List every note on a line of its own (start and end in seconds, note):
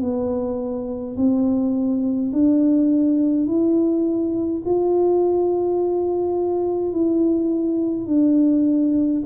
0.00 1.15 B3
1.16 2.32 C4
2.32 3.47 D4
3.47 4.62 E4
4.65 6.92 F4
6.92 8.06 E4
8.06 9.22 D4